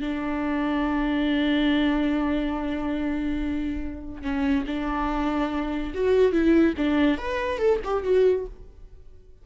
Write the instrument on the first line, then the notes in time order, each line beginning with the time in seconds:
viola
0.00 D4
4.22 C#4
4.66 D4
5.94 F#4
6.32 E4
6.77 D4
7.17 B4
7.58 A4
7.84 G4
8.03 F#4